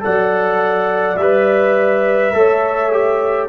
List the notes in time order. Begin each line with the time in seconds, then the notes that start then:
0.00 A4 D5 F#5
0.06 F#3
1.17 G3 B4 E5
2.33 A3 A4 C#5
2.92 G4